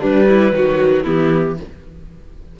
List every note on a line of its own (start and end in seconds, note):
0.00 0.52 G3
0.00 0.26 D4
0.00 1.05 B4
0.29 0.54 E4
0.52 1.04 D#3
0.52 1.04 F#3
0.52 1.03 F#4
1.03 1.59 E3
1.03 1.56 B3
1.03 1.55 E4
1.03 1.57 G4